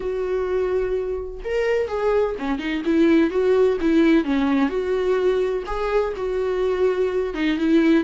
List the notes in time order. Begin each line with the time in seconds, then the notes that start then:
0.00 F#4
1.44 A#4
1.88 G#4
2.38 C#4
2.58 D#4
2.85 E4
3.30 F#4
3.80 E4
4.24 C#4
4.69 F#4
5.66 G#4
6.16 F#4
7.34 D#4
7.57 E4